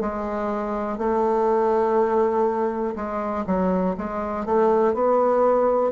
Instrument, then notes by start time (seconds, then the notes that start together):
bassoon
0.00 G#3
0.97 A3
2.95 G#3
3.46 F#3
3.97 G#3
4.45 A3
4.94 B3